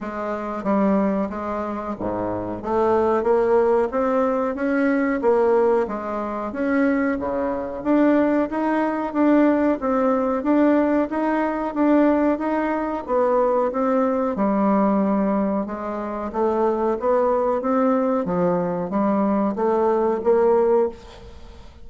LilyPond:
\new Staff \with { instrumentName = "bassoon" } { \time 4/4 \tempo 4 = 92 gis4 g4 gis4 gis,4 | a4 ais4 c'4 cis'4 | ais4 gis4 cis'4 cis4 | d'4 dis'4 d'4 c'4 |
d'4 dis'4 d'4 dis'4 | b4 c'4 g2 | gis4 a4 b4 c'4 | f4 g4 a4 ais4 | }